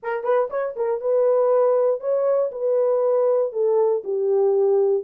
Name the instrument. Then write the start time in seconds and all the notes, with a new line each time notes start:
horn
0.03 A#4
0.23 B4
0.50 C#5
0.76 A#4
1.00 B4
2.00 C#5
2.51 B4
3.52 A4
4.04 G4